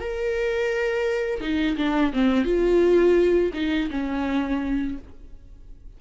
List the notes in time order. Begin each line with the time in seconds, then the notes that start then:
0.00 A#4
1.41 D#4
1.77 D4
2.13 C4
2.45 F4
3.54 D#4
3.91 C#4